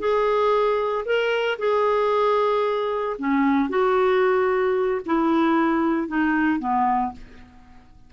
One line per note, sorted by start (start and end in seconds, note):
0.00 1.05 G#4
1.06 1.59 A#4
1.59 3.17 G#4
3.19 3.70 C#4
3.70 5.01 F#4
5.06 6.08 E4
6.08 6.60 D#4
6.60 7.12 B3